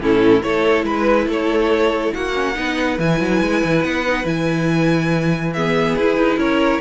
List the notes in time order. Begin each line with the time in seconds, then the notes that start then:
0.00 A2 C#4 E4 A4
0.41 A3 E4 A4 C#5
0.84 G#3 B4
1.26 A3 A4 C#5
2.13 A#3 F#4 F#5
2.33 C#4
2.54 B3 D#4 B4
2.98 E3 E4 G#5
3.20 F#3
3.41 G#3
3.64 E3
3.83 B3 F#5
4.06 D#4
4.23 E3 E4 G#5
5.53 B3 G#4 E5
5.96 E4 B4
6.17 D#4
6.37 C#4 A#4 C#5